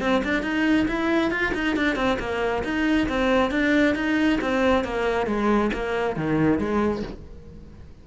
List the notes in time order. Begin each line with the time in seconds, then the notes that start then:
0.00 C4
0.24 D4
0.42 D#4
0.88 E4
1.31 F4
1.54 D#4
1.76 D4
1.96 C4
2.19 A#3
2.64 D#4
3.08 C4
3.51 D4
3.95 D#4
4.41 C4
4.84 A#3
5.26 G#3
5.73 A#3
6.16 D#3
6.58 G#3